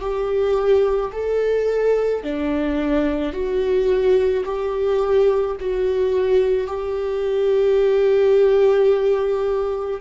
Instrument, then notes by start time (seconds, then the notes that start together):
viola
0.00 G4
1.12 A4
2.23 D4
3.33 F#4
4.45 G4
5.60 F#4
6.67 G4